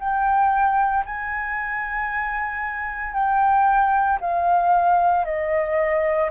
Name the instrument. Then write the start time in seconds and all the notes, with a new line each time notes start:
flute
0.00 G5
1.06 G#5
3.14 G5
4.21 F5
5.25 D#5